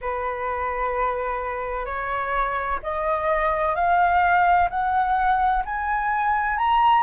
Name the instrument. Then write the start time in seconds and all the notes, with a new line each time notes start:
flute
0.01 B4
1.85 C#5
2.83 D#5
3.75 F5
4.70 F#5
5.65 G#5
6.58 A#5